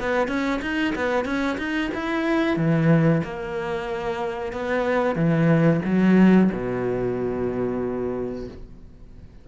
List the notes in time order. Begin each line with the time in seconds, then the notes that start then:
0.00 B3
0.28 C#4
0.62 D#4
0.95 B3
1.25 C#4
1.58 D#4
1.94 E4
2.57 E3
3.24 A#3
4.53 B3
5.16 E3
5.85 F#3
6.52 B2